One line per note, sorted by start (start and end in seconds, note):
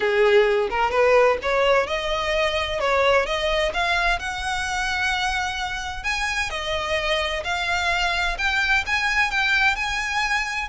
0.00 0.68 G#4
0.70 0.90 A#4
0.90 1.37 B4
1.42 1.86 C#5
1.86 2.79 D#5
2.80 3.26 C#5
3.26 3.72 D#5
3.73 4.19 F5
4.19 6.03 F#5
6.03 6.50 G#5
6.50 7.43 D#5
7.44 8.37 F5
8.38 8.84 G5
8.86 9.30 G#5
9.30 9.75 G5
9.75 10.68 G#5